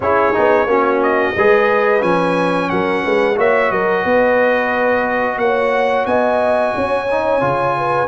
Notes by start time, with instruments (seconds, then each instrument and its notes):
0.00 tuba C#4, trombone E4, horn G#4, trumpet C#5
0.33 tuba B3, trombone D#4
0.65 tuba A#3, trombone C#4, horn F#4
1.02 trumpet D#5
1.36 tuba G#3, trombone G#4, horn B4
2.00 tuba F3, trombone C#4, trumpet G#5
2.69 tuba F#3, horn A#4, trumpet F#5
3.03 tuba G#3, horn B4
3.36 tuba A#3, trombone F#4, horn C#5, trumpet E5
3.71 tuba F#3, horn A#4, trumpet D#5
4.03 tuba B3, horn B4
5.37 tuba A#3, horn C#5, trumpet F#5
6.05 tuba B3, horn D#5, trumpet G#5
6.75 tuba C#4, horn C#5
7.11 trombone D#4
7.40 tuba C#3, trombone F4
7.77 horn B4